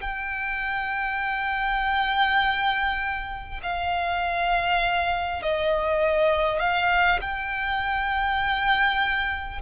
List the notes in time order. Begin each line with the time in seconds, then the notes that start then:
0.00 G5
3.62 F5
5.42 D#5
6.59 F5
7.21 G5